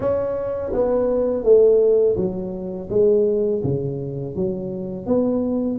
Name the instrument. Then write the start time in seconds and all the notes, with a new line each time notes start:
tuba
0.00 C#4
0.73 B3
1.43 A3
2.16 F#3
2.89 G#3
3.63 C#3
4.35 F#3
5.06 B3